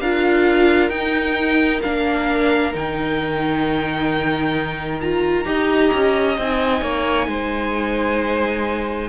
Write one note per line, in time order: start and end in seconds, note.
0.00 0.89 D4
0.00 0.91 F4
0.00 5.47 A#4
0.00 0.89 F5
0.89 1.80 D#4
0.89 1.82 D#4
0.89 1.80 G5
1.82 2.75 A#3
1.82 2.72 D4
1.82 2.73 F5
2.72 5.45 D#3
2.72 5.00 D#4
2.72 5.01 G5
5.01 5.45 F4
5.01 6.37 A#5
5.45 5.91 D#4
5.45 6.35 G4
5.45 6.82 D#5
5.93 6.38 C#4
6.38 6.81 C4
6.38 9.09 D#4
6.38 9.09 G#5
6.81 7.27 A#3
6.81 7.27 C#5
7.27 9.09 G#3
7.27 9.09 C5